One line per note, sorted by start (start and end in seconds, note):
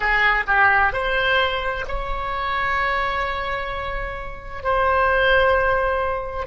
0.00 0.44 G#4
0.47 0.92 G4
0.92 1.85 C5
1.88 4.63 C#5
4.63 6.47 C5